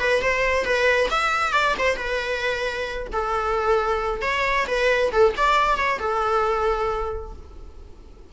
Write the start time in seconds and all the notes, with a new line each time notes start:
0.00 B4
0.22 C5
0.65 B4
1.11 E5
1.53 D5
1.79 C5
1.96 B4
3.13 A4
4.22 C#5
4.67 B4
5.12 A4
5.37 D5
5.77 C#5
6.00 A4